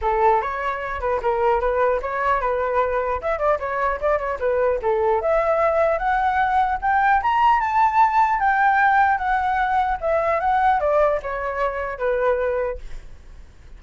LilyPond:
\new Staff \with { instrumentName = "flute" } { \time 4/4 \tempo 4 = 150 a'4 cis''4. b'8 ais'4 | b'4 cis''4 b'2 | e''8 d''8 cis''4 d''8 cis''8 b'4 | a'4 e''2 fis''4~ |
fis''4 g''4 ais''4 a''4~ | a''4 g''2 fis''4~ | fis''4 e''4 fis''4 d''4 | cis''2 b'2 | }